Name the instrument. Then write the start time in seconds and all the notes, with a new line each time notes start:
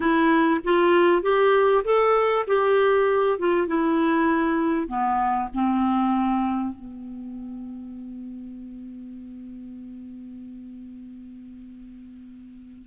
clarinet
0.00 E4
0.63 F4
1.22 G4
1.84 A4
2.47 G4
3.38 F4
3.67 E4
4.87 B3
5.54 C4
6.75 B3